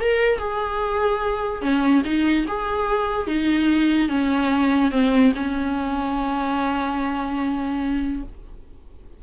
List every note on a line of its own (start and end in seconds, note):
0.00 0.39 A#4
0.39 1.62 G#4
1.62 2.03 C#4
2.05 2.46 D#4
2.48 3.27 G#4
3.27 4.09 D#4
4.09 4.91 C#4
4.91 5.33 C4
5.35 8.23 C#4